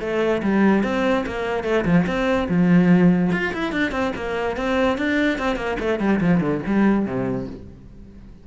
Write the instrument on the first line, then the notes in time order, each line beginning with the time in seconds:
cello
0.00 A3
0.42 G3
0.83 C4
1.26 A#3
1.64 A3
1.85 F3
2.06 C4
2.48 F3
3.32 F4
3.53 E4
3.72 D4
3.91 C4
4.16 A#3
4.56 C4
4.97 D4
5.38 C4
5.56 A#3
5.79 A3
5.99 G3
6.20 F3
6.40 D3
6.66 G3
7.05 C3